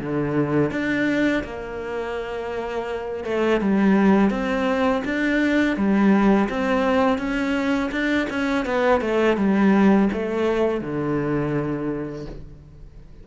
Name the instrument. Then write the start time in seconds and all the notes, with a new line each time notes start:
cello
0.00 D3
0.71 D4
1.44 A#3
3.24 A3
3.60 G3
4.30 C4
5.05 D4
5.76 G3
6.49 C4
7.18 C#4
7.91 D4
8.30 C#4
8.65 B3
9.01 A3
9.37 G3
10.13 A3
10.81 D3